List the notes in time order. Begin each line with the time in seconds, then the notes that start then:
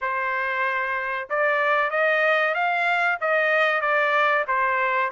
0.01 C5
1.29 D5
1.90 D#5
2.54 F5
3.20 D#5
3.81 D5
4.47 C5